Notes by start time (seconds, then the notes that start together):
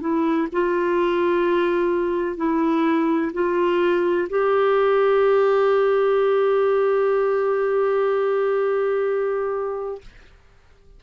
0.00 E4
0.52 F4
2.36 E4
3.33 F4
4.29 G4